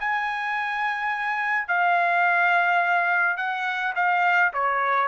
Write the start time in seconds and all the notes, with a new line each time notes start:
0.00 G#5
1.68 F5
3.37 F#5
3.96 F5
4.54 C#5